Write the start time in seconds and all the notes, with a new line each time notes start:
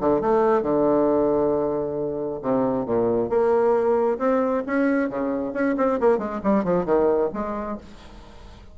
0.00 D3
0.21 A3
0.62 D3
2.42 C3
2.85 A#2
3.29 A#3
4.19 C4
4.66 C#4
5.09 C#3
5.53 C#4
5.77 C4
6.00 A#3
6.18 G#3
6.43 G3
6.64 F3
6.85 D#3
7.33 G#3